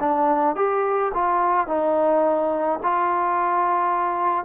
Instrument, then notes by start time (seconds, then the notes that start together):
trombone
0.00 D4
0.56 G4
1.14 F4
1.67 D#4
2.83 F4